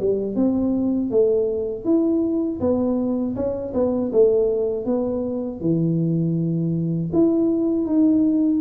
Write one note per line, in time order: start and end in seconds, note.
0.00 0.35 G3
0.35 1.10 C4
1.11 1.85 A3
1.85 2.60 E4
2.60 3.35 B3
3.36 3.73 C#4
3.74 4.11 B3
4.12 4.85 A3
4.85 5.60 B3
5.61 7.11 E3
7.13 7.86 E4
7.86 8.61 D#4